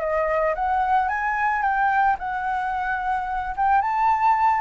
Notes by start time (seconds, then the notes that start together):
0.00 D#5
0.55 F#5
1.08 G#5
1.62 G5
2.19 F#5
3.57 G5
3.81 A5